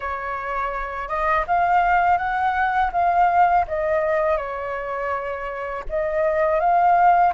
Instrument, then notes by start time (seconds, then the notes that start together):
flute
0.00 C#5
1.08 D#5
1.47 F5
2.17 F#5
2.92 F5
3.67 D#5
4.37 C#5
5.89 D#5
6.60 F5